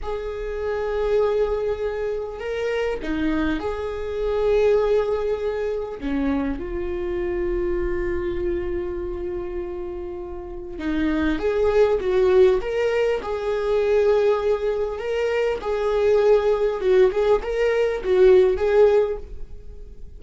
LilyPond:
\new Staff \with { instrumentName = "viola" } { \time 4/4 \tempo 4 = 100 gis'1 | ais'4 dis'4 gis'2~ | gis'2 cis'4 f'4~ | f'1~ |
f'2 dis'4 gis'4 | fis'4 ais'4 gis'2~ | gis'4 ais'4 gis'2 | fis'8 gis'8 ais'4 fis'4 gis'4 | }